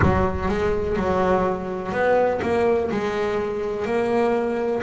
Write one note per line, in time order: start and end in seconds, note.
0.01 0.48 F#3
0.48 0.96 G#3
0.96 1.91 F#3
1.91 2.40 B3
2.42 2.90 A#3
2.91 3.85 G#3
3.85 4.82 A#3